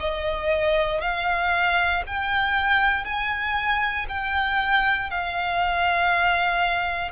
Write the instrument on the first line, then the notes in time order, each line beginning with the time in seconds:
violin
0.00 D#5
1.01 F5
2.07 G5
3.05 G#5
4.09 G5
5.10 F5